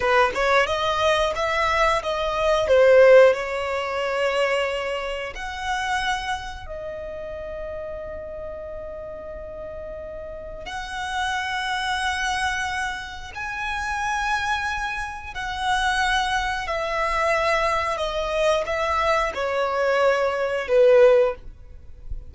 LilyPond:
\new Staff \with { instrumentName = "violin" } { \time 4/4 \tempo 4 = 90 b'8 cis''8 dis''4 e''4 dis''4 | c''4 cis''2. | fis''2 dis''2~ | dis''1 |
fis''1 | gis''2. fis''4~ | fis''4 e''2 dis''4 | e''4 cis''2 b'4 | }